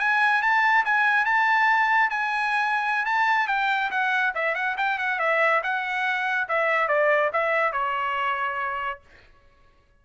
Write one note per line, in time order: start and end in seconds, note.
0.00 0.42 G#5
0.42 0.85 A5
0.85 1.26 G#5
1.26 2.11 A5
2.11 3.06 G#5
3.06 3.48 A5
3.48 3.91 G5
3.91 4.34 F#5
4.35 4.55 E5
4.55 4.77 F#5
4.78 4.99 G5
4.99 5.20 F#5
5.20 5.62 E5
5.63 6.49 F#5
6.49 6.89 E5
6.89 7.31 D5
7.33 7.73 E5
7.73 9.01 C#5